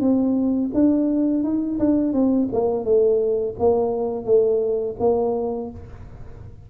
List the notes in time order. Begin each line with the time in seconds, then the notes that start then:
0.00 C4
0.74 D4
1.43 D#4
1.79 D4
2.13 C4
2.53 A#3
2.85 A3
3.59 A#3
4.25 A3
5.00 A#3